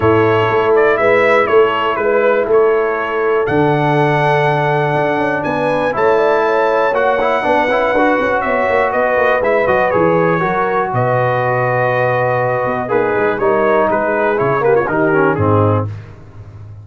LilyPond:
<<
  \new Staff \with { instrumentName = "trumpet" } { \time 4/4 \tempo 4 = 121 cis''4. d''8 e''4 cis''4 | b'4 cis''2 fis''4~ | fis''2. gis''4 | a''2 fis''2~ |
fis''4 e''4 dis''4 e''8 dis''8 | cis''2 dis''2~ | dis''2 b'4 cis''4 | b'4 cis''8 b'16 cis''16 ais'4 gis'4 | }
  \new Staff \with { instrumentName = "horn" } { \time 4/4 a'2 b'4 a'4 | b'4 a'2.~ | a'2. b'4 | cis''8 d''8 cis''2 b'4~ |
b'4 cis''4 b'2~ | b'4 ais'4 b'2~ | b'2 dis'4 ais'4 | gis'4. g'16 f'16 g'4 dis'4 | }
  \new Staff \with { instrumentName = "trombone" } { \time 4/4 e'1~ | e'2. d'4~ | d'1 | e'2 fis'8 e'8 d'8 e'8 |
fis'2. e'8 fis'8 | gis'4 fis'2.~ | fis'2 gis'4 dis'4~ | dis'4 e'8 ais8 dis'8 cis'8 c'4 | }
  \new Staff \with { instrumentName = "tuba" } { \time 4/4 a,4 a4 gis4 a4 | gis4 a2 d4~ | d2 d'8 cis'8 b4 | a2 ais4 b8 cis'8 |
d'8 cis'8 b8 ais8 b8 ais8 gis8 fis8 | e4 fis4 b,2~ | b,4. b8 ais8 gis8 g4 | gis4 cis4 dis4 gis,4 | }
>>